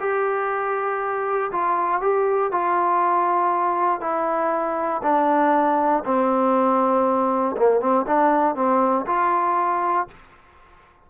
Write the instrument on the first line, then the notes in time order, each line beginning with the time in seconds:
trombone
0.00 G4
1.52 F4
2.01 G4
2.52 F4
4.01 E4
5.03 D4
6.05 C4
7.57 A#3
7.81 C4
8.07 D4
8.55 C4
9.07 F4